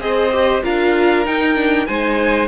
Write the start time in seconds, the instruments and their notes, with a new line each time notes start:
0.00 cello C4, viola G#4, violin C5 D#5
0.32 viola G4
0.63 cello D4, viola F4, violin A#4 F5
1.25 viola D#4, cello D#4, violin G5
1.55 viola D4
1.86 cello G#3, viola D#4, violin C5 G#5